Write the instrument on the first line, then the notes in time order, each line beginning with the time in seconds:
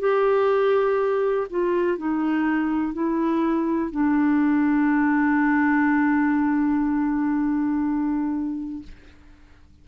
clarinet
0.00 G4
1.50 F4
1.98 D#4
2.94 E4
3.91 D4